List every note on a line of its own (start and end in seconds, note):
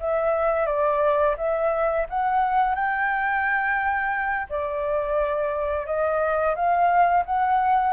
0.00 0.66 E5
0.66 1.35 D5
1.38 2.07 E5
2.09 2.75 F#5
2.75 4.48 G5
4.50 5.86 D5
5.86 6.55 D#5
6.55 7.24 F5
7.25 7.93 F#5